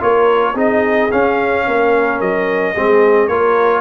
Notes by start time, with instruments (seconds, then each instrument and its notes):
0.00 tuba A#3, trombone F4, horn A#4, trumpet C#5
0.54 tuba C4, trombone D#4, horn G#4, trumpet D#5
1.11 trombone C#4, tuba C#4, trumpet F5
1.66 tuba A#3, horn A#4
2.20 tuba F#3, trumpet D#5
2.75 tuba G#3, trombone C4, horn G#4
3.28 tuba A#3, trombone F4, horn A#4, trumpet C#5